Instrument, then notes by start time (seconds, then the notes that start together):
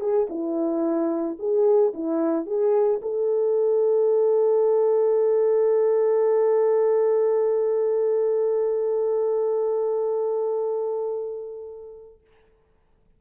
horn
0.00 G#4
0.29 E4
1.39 G#4
1.93 E4
2.46 G#4
3.01 A4